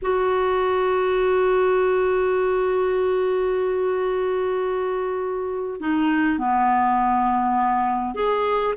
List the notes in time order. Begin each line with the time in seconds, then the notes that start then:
0.01 F#4
5.80 D#4
6.38 B3
8.14 G#4